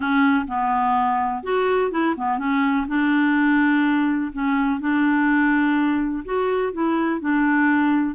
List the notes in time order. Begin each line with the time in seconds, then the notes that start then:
0.00 C#4
0.47 B3
1.43 F#4
1.91 E4
2.16 B3
2.38 C#4
2.87 D4
4.32 C#4
4.80 D4
6.24 F#4
6.72 E4
7.20 D4